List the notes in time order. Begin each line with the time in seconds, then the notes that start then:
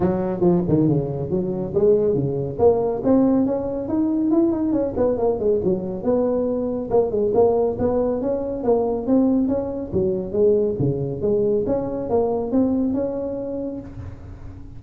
0.00 F#3
0.40 F3
0.68 D#3
0.88 C#3
1.30 F#3
1.74 G#3
2.14 C#3
2.58 A#3
3.04 C4
3.46 C#4
3.88 D#4
4.30 E4
4.51 D#4
4.72 C#4
4.96 B3
5.17 A#3
5.39 G#3
5.64 F#3
6.03 B3
6.90 A#3
7.10 G#3
7.34 A#3
7.78 B3
8.21 C#4
8.63 A#3
9.06 C4
9.48 C#4
9.92 F#3
10.32 G#3
10.79 C#3
11.21 G#3
11.66 C#4
12.09 A#3
12.51 C4
12.93 C#4